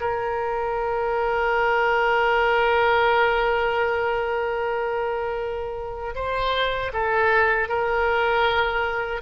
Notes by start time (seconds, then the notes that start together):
0.00 A#4
6.15 C5
6.93 A4
7.69 A#4